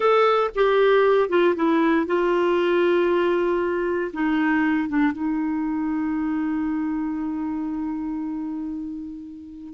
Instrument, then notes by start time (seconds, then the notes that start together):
clarinet
0.00 A4
0.55 G4
1.29 F4
1.55 E4
2.06 F4
4.13 D#4
4.88 D4
5.12 D#4